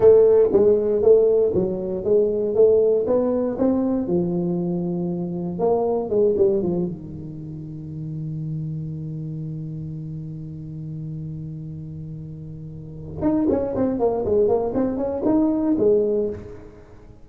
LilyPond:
\new Staff \with { instrumentName = "tuba" } { \time 4/4 \tempo 4 = 118 a4 gis4 a4 fis4 | gis4 a4 b4 c'4 | f2. ais4 | gis8 g8 f8 dis2~ dis8~ |
dis1~ | dis1~ | dis2 dis'8 cis'8 c'8 ais8 | gis8 ais8 c'8 cis'8 dis'4 gis4 | }